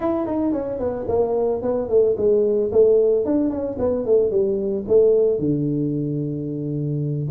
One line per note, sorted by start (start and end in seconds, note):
0.00 0.26 E4
0.26 0.52 D#4
0.52 0.79 C#4
0.79 1.06 B3
1.08 1.62 A#3
1.62 1.88 B3
1.88 2.15 A3
2.17 2.71 G#3
2.72 3.25 A3
3.25 3.50 D4
3.50 3.77 C#4
3.78 4.05 B3
4.05 4.30 A3
4.30 4.84 G3
4.88 5.39 A3
5.39 7.28 D3